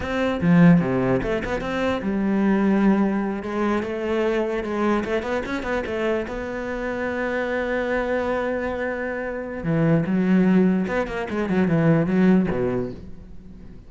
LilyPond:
\new Staff \with { instrumentName = "cello" } { \time 4/4 \tempo 4 = 149 c'4 f4 c4 a8 b8 | c'4 g2.~ | g8 gis4 a2 gis8~ | gis8 a8 b8 cis'8 b8 a4 b8~ |
b1~ | b1 | e4 fis2 b8 ais8 | gis8 fis8 e4 fis4 b,4 | }